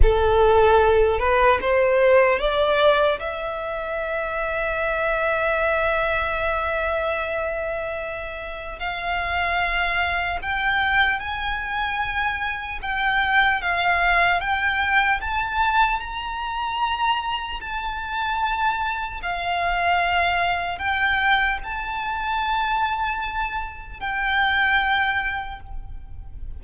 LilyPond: \new Staff \with { instrumentName = "violin" } { \time 4/4 \tempo 4 = 75 a'4. b'8 c''4 d''4 | e''1~ | e''2. f''4~ | f''4 g''4 gis''2 |
g''4 f''4 g''4 a''4 | ais''2 a''2 | f''2 g''4 a''4~ | a''2 g''2 | }